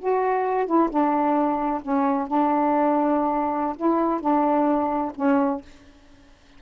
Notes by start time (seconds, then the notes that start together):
0.00 F#4
0.67 E4
0.90 D4
1.82 C#4
2.28 D4
3.77 E4
4.21 D4
5.16 C#4